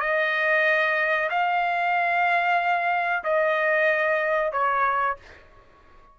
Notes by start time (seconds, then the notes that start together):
0.00 D#5
1.29 F5
3.23 D#5
4.52 C#5